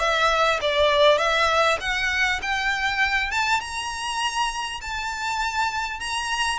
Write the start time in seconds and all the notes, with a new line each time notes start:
0.00 E5
0.62 D5
1.18 E5
1.81 F#5
2.42 G5
3.32 A5
3.61 A#5
4.81 A5
6.01 A#5